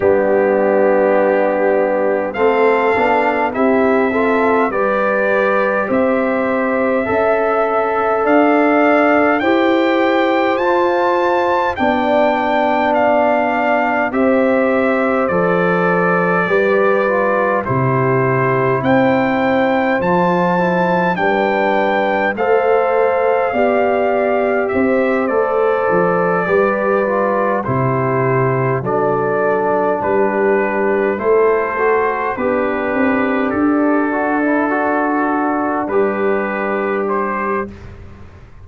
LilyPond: <<
  \new Staff \with { instrumentName = "trumpet" } { \time 4/4 \tempo 4 = 51 g'2 f''4 e''4 | d''4 e''2 f''4 | g''4 a''4 g''4 f''4 | e''4 d''2 c''4 |
g''4 a''4 g''4 f''4~ | f''4 e''8 d''2 c''8~ | c''8 d''4 b'4 c''4 b'8~ | b'8 a'2 b'4 c''8 | }
  \new Staff \with { instrumentName = "horn" } { \time 4/4 d'2 a'4 g'8 a'8 | b'4 c''4 e''4 d''4 | c''2 d''2 | c''2 b'4 g'4 |
c''2 b'4 c''4 | d''4 c''4. b'4 g'8~ | g'8 a'4 g'4 a'4 d'8~ | d'1 | }
  \new Staff \with { instrumentName = "trombone" } { \time 4/4 b2 c'8 d'8 e'8 f'8 | g'2 a'2 | g'4 f'4 d'2 | g'4 a'4 g'8 f'8 e'4~ |
e'4 f'8 e'8 d'4 a'4 | g'4. a'4 g'8 f'8 e'8~ | e'8 d'2 e'8 fis'8 g'8~ | g'4 fis'16 e'16 fis'4 g'4. | }
  \new Staff \with { instrumentName = "tuba" } { \time 4/4 g2 a8 b8 c'4 | g4 c'4 cis'4 d'4 | e'4 f'4 b2 | c'4 f4 g4 c4 |
c'4 f4 g4 a4 | b4 c'8 a8 f8 g4 c8~ | c8 fis4 g4 a4 b8 | c'8 d'2 g4. | }
>>